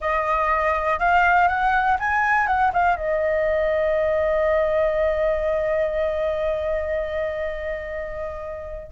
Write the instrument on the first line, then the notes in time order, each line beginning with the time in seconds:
flute
0.00 D#5
0.99 F5
1.48 F#5
1.99 G#5
2.46 F#5
2.73 F5
2.96 D#5